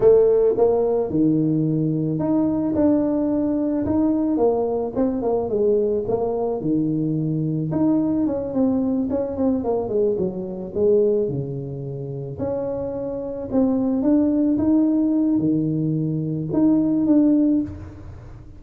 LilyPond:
\new Staff \with { instrumentName = "tuba" } { \time 4/4 \tempo 4 = 109 a4 ais4 dis2 | dis'4 d'2 dis'4 | ais4 c'8 ais8 gis4 ais4 | dis2 dis'4 cis'8 c'8~ |
c'8 cis'8 c'8 ais8 gis8 fis4 gis8~ | gis8 cis2 cis'4.~ | cis'8 c'4 d'4 dis'4. | dis2 dis'4 d'4 | }